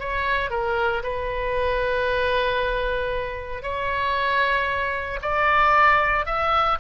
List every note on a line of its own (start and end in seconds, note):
0.00 0.51 C#5
0.51 1.03 A#4
1.03 3.63 B4
3.63 5.20 C#5
5.22 6.26 D5
6.26 6.78 E5